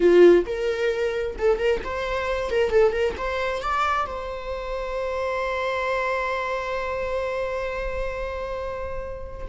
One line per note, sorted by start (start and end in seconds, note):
0.00 0.45 F4
0.46 1.36 A#4
1.38 1.58 A4
1.58 1.80 A#4
1.84 2.50 C5
2.50 2.69 A#4
2.69 2.91 A4
2.91 3.14 A#4
3.17 3.62 C5
3.62 4.06 D5
4.06 9.47 C5